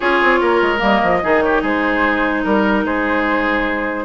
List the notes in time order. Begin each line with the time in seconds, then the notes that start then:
0.00 C#4 F4 G#4 C#5
0.22 C4
0.40 A#3 A#4
0.61 G#3
0.78 G3 A#3 D#5
1.02 F3
1.23 D#3 D#4 G#4
1.41 G4 C#5
1.62 G#3 G#4 C5
2.43 G3 A#4
2.84 G#3 G#4 C5